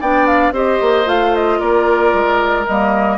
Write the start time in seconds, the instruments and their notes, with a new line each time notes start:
0.00 bassoon B3, clarinet D4, oboe D5, flute G5
0.27 flute F5
0.51 bassoon C4, clarinet G4, oboe C5, flute D#5
0.81 bassoon A#3
1.05 bassoon A3, clarinet F4, flute F5
1.35 flute D#5
1.59 bassoon A#3, oboe A#4, flute D5
2.13 bassoon G#3
2.66 bassoon G3, clarinet A#3, flute D#5